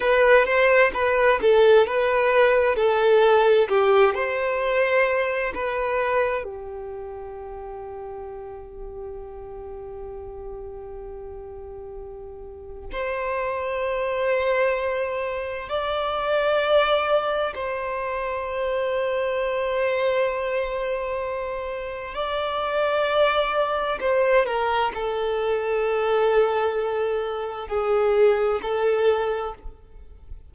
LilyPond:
\new Staff \with { instrumentName = "violin" } { \time 4/4 \tempo 4 = 65 b'8 c''8 b'8 a'8 b'4 a'4 | g'8 c''4. b'4 g'4~ | g'1~ | g'2 c''2~ |
c''4 d''2 c''4~ | c''1 | d''2 c''8 ais'8 a'4~ | a'2 gis'4 a'4 | }